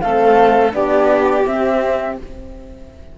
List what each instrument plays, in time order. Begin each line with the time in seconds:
0.00 cello A3, horn C4, violin A4, flute F5
0.71 cello B3, horn D4, violin G4, flute D5
1.45 horn C4, cello C4, flute E5